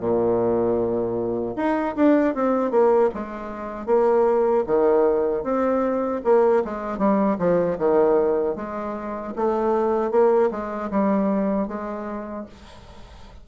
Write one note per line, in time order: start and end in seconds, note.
0.00 1.56 A#2
1.56 1.95 D#4
1.96 2.34 D4
2.34 2.71 C4
2.71 3.10 A#3
3.14 3.86 G#3
3.86 4.64 A#3
4.67 5.44 D#3
5.44 6.22 C4
6.24 6.63 A#3
6.65 6.98 G#3
6.98 7.37 G3
7.39 7.78 F3
7.78 8.56 D#3
8.56 9.34 G#3
9.36 10.11 A3
10.11 10.50 A#3
10.51 10.90 G#3
10.91 11.68 G3
11.68 12.46 G#3